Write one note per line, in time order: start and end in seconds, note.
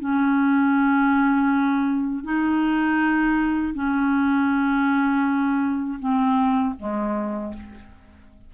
0.00 2.24 C#4
2.24 3.74 D#4
3.74 5.99 C#4
6.00 6.75 C4
6.79 7.54 G#3